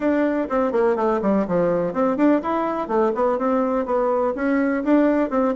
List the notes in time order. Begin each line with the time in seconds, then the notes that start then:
0.00 D4
0.49 C4
0.72 A#3
0.96 A3
1.22 G3
1.47 F3
1.93 C4
2.17 D4
2.42 E4
2.87 A3
3.14 B3
3.38 C4
3.85 B3
4.35 C#4
4.83 D4
5.30 C4